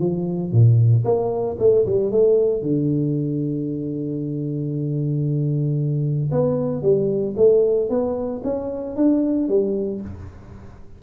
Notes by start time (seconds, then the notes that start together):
0.00 F3
0.52 A#2
1.05 A#3
1.60 A3
1.86 G3
2.12 A3
2.62 D3
6.32 B3
6.83 G3
7.37 A3
7.90 B3
8.44 C#4
8.96 D4
9.49 G3